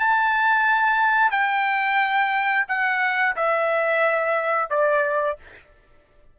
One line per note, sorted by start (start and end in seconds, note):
0.00 1.31 A5
1.31 2.66 G5
2.68 3.36 F#5
3.36 4.70 E5
4.70 5.38 D5